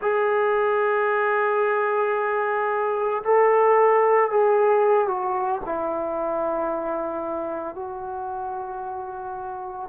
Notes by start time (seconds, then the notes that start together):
0.01 G#4
3.23 A4
4.30 G#4
5.07 F#4
5.65 E4
7.75 F#4